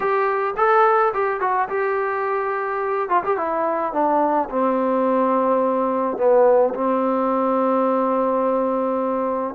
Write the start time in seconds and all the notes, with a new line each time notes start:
0.00 G4
0.56 A4
1.13 G4
1.40 F#4
1.68 G4
3.09 F4
3.23 G4
3.37 E4
3.93 D4
4.49 C4
6.17 B3
6.74 C4